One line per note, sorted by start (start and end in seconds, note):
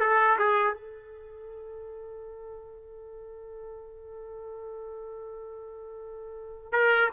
0.00 0.38 A4
0.39 0.74 G#4
0.74 6.72 A4
6.72 7.09 A#4